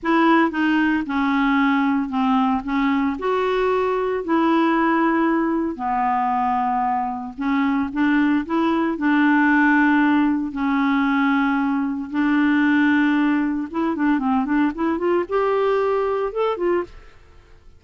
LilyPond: \new Staff \with { instrumentName = "clarinet" } { \time 4/4 \tempo 4 = 114 e'4 dis'4 cis'2 | c'4 cis'4 fis'2 | e'2. b4~ | b2 cis'4 d'4 |
e'4 d'2. | cis'2. d'4~ | d'2 e'8 d'8 c'8 d'8 | e'8 f'8 g'2 a'8 f'8 | }